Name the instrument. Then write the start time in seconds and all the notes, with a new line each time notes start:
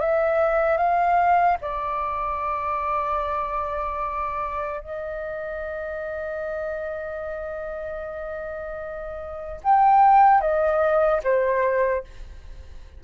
flute
0.00 E5
0.77 F5
1.61 D5
4.81 D#5
9.64 G5
10.41 D#5
11.23 C5